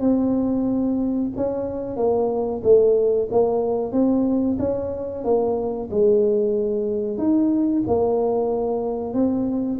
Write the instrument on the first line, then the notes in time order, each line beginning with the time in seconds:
tuba
0.00 C4
1.37 C#4
1.97 A#3
2.63 A3
3.31 A#3
3.92 C4
4.59 C#4
5.24 A#3
5.91 G#3
7.18 D#4
7.87 A#3
9.14 C4